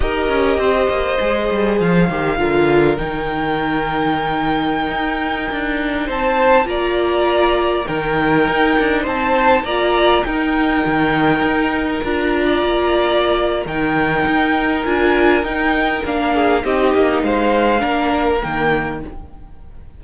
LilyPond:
<<
  \new Staff \with { instrumentName = "violin" } { \time 4/4 \tempo 4 = 101 dis''2. f''4~ | f''4 g''2.~ | g''2~ g''16 a''4 ais''8.~ | ais''4~ ais''16 g''2 a''8.~ |
a''16 ais''4 g''2~ g''8.~ | g''16 ais''2~ ais''8. g''4~ | g''4 gis''4 g''4 f''4 | dis''4 f''2 g''4 | }
  \new Staff \with { instrumentName = "violin" } { \time 4/4 ais'4 c''2. | ais'1~ | ais'2~ ais'16 c''4 d''8.~ | d''4~ d''16 ais'2 c''8.~ |
c''16 d''4 ais'2~ ais'8.~ | ais'4 d''2 ais'4~ | ais'2.~ ais'8 gis'8 | g'4 c''4 ais'2 | }
  \new Staff \with { instrumentName = "viola" } { \time 4/4 g'2 gis'4. g'8 | f'4 dis'2.~ | dis'2.~ dis'16 f'8.~ | f'4~ f'16 dis'2~ dis'8.~ |
dis'16 f'4 dis'2~ dis'8.~ | dis'16 f'2~ f'8. dis'4~ | dis'4 f'4 dis'4 d'4 | dis'2 d'4 ais4 | }
  \new Staff \with { instrumentName = "cello" } { \time 4/4 dis'8 cis'8 c'8 ais8 gis8 g8 f8 dis8 | d4 dis2.~ | dis16 dis'4 d'4 c'4 ais8.~ | ais4~ ais16 dis4 dis'8 d'8 c'8.~ |
c'16 ais4 dis'4 dis4 dis'8.~ | dis'16 d'4 ais4.~ ais16 dis4 | dis'4 d'4 dis'4 ais4 | c'8 ais8 gis4 ais4 dis4 | }
>>